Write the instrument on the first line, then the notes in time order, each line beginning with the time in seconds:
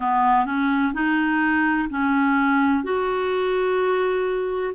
clarinet
0.00 B3
0.45 C#4
0.93 D#4
1.89 C#4
2.83 F#4